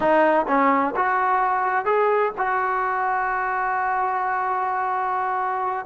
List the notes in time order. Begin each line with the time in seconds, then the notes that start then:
0.00 D#4
0.47 C#4
0.96 F#4
1.85 G#4
2.37 F#4